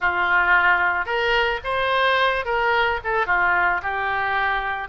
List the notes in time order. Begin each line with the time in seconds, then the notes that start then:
0.00 F4
1.05 A#4
1.64 C5
2.45 A#4
3.04 A4
3.26 F4
3.82 G4